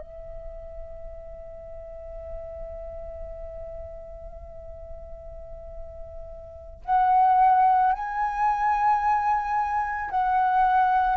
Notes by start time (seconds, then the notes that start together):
0.00 E5
6.85 F#5
7.93 G#5
10.11 F#5